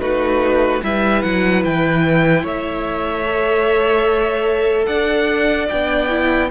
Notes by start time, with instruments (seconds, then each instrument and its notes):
0.00 cello A3, viola D#4, violin F#4 B4
0.82 cello G3, viola E4, violin B4 E5
1.22 cello F#3, violin F#5
1.64 cello E3, violin G5
2.42 cello A3, violin C#5 E5
3.25 viola A4
4.86 cello D4, violin D5 F#5
5.69 cello B3, viola D4, violin G5
6.09 viola E4